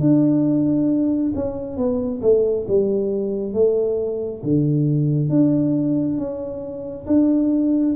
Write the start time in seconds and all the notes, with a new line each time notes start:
0.00 D4
1.35 C#4
1.77 B3
2.22 A3
2.68 G3
3.53 A3
4.43 D3
5.29 D4
6.18 C#4
7.07 D4